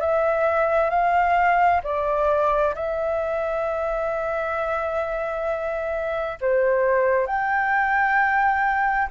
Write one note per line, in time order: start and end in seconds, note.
0.00 0.90 E5
0.90 1.81 F5
1.83 2.74 D5
2.74 6.38 E5
6.40 7.26 C5
7.26 9.08 G5